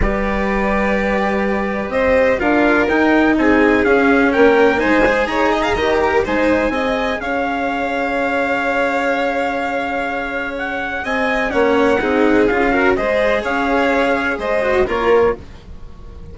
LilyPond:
<<
  \new Staff \with { instrumentName = "trumpet" } { \time 4/4 \tempo 4 = 125 d''1 | dis''4 f''4 g''4 gis''4 | f''4 g''4 gis''4 ais''4~ | ais''4 gis''2 f''4~ |
f''1~ | f''2 fis''4 gis''4 | fis''2 f''4 dis''4 | f''2 dis''4 cis''4 | }
  \new Staff \with { instrumentName = "violin" } { \time 4/4 b'1 | c''4 ais'2 gis'4~ | gis'4 ais'4 c''4 cis''8 dis''16 f''16 | dis''8 ais'8 c''4 dis''4 cis''4~ |
cis''1~ | cis''2. dis''4 | cis''4 gis'4. ais'8 c''4 | cis''2 c''4 ais'4 | }
  \new Staff \with { instrumentName = "cello" } { \time 4/4 g'1~ | g'4 f'4 dis'2 | cis'2 dis'8 gis'4. | g'4 dis'4 gis'2~ |
gis'1~ | gis'1 | cis'4 dis'4 f'8 fis'8 gis'4~ | gis'2~ gis'8 fis'8 f'4 | }
  \new Staff \with { instrumentName = "bassoon" } { \time 4/4 g1 | c'4 d'4 dis'4 c'4 | cis'4 ais4 gis4 dis'4 | dis4 gis4 c'4 cis'4~ |
cis'1~ | cis'2. c'4 | ais4 c'4 cis'4 gis4 | cis'2 gis4 ais4 | }
>>